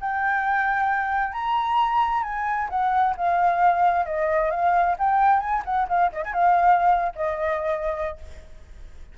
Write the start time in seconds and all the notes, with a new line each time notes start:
0.00 G5
1.32 A#5
2.23 G#5
2.69 F#5
3.17 F5
4.06 D#5
4.51 F5
4.99 G5
5.40 G#5
5.64 F#5
5.88 F5
6.12 D#5
6.24 G#5
6.33 F5
7.15 D#5